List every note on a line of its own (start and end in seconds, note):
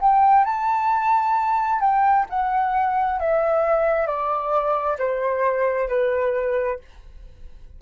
0.00 0.45 G5
0.45 1.81 A5
1.81 2.26 G5
2.30 3.20 F#5
3.20 4.07 E5
4.07 4.98 D5
4.99 5.88 C5
5.88 6.79 B4